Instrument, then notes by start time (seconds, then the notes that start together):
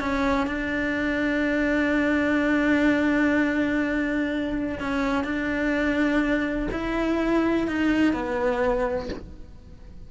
cello
0.00 C#4
0.47 D4
4.80 C#4
5.24 D4
6.71 E4
7.68 D#4
8.13 B3